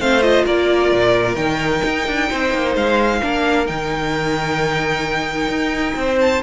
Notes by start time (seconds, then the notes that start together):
0.00 A3 C4 C5 F5
0.22 F4 D#5
0.45 A#3 A#4 D5
0.92 A#2
1.36 D#3 D#4 G5
1.85 D#4
2.07 D4
2.30 C4 C5
2.54 A#3
2.76 G#3 F5
3.22 A#3 D4 A#4
3.66 D#3 D#4 G5
5.48 D#4
5.96 C4 C5
6.21 A5